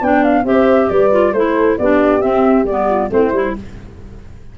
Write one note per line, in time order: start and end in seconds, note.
0.00 0.44 B3
0.00 0.44 D4
0.00 0.44 D5
0.00 0.23 G5
0.23 0.45 F5
0.44 0.88 C4
0.44 1.10 G4
0.44 0.89 C5
0.44 0.89 E5
0.89 1.33 G3
0.89 1.34 B4
0.89 1.33 D5
1.11 1.33 F4
1.33 1.77 A3
1.33 1.80 E4
1.33 1.79 A4
1.33 1.77 C5
1.77 2.23 B3
1.77 2.20 D4
1.77 2.89 G4
1.77 2.21 D5
2.20 2.64 C4
2.20 2.65 E5
2.64 3.08 G3
2.64 3.09 B3
2.64 3.09 D5
2.89 3.11 F4
3.09 3.32 A3
3.09 3.31 C4
3.09 3.58 E4
3.09 3.56 C5
3.32 3.54 G3
3.32 3.56 E4